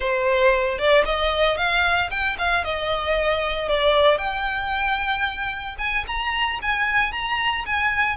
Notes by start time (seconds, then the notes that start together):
0.00 C5
0.78 D5
1.05 D#5
1.57 F5
2.10 G5
2.38 F5
2.64 D#5
3.68 D5
4.17 G5
5.78 G#5
6.07 A#5
6.61 G#5
7.12 A#5
7.66 G#5